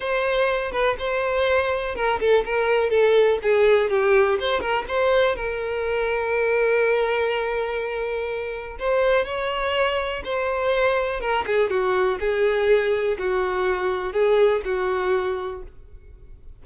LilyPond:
\new Staff \with { instrumentName = "violin" } { \time 4/4 \tempo 4 = 123 c''4. b'8 c''2 | ais'8 a'8 ais'4 a'4 gis'4 | g'4 c''8 ais'8 c''4 ais'4~ | ais'1~ |
ais'2 c''4 cis''4~ | cis''4 c''2 ais'8 gis'8 | fis'4 gis'2 fis'4~ | fis'4 gis'4 fis'2 | }